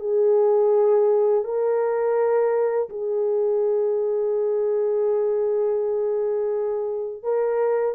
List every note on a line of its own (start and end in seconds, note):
0.00 1.45 G#4
1.45 2.89 A#4
2.89 7.23 G#4
7.23 7.96 A#4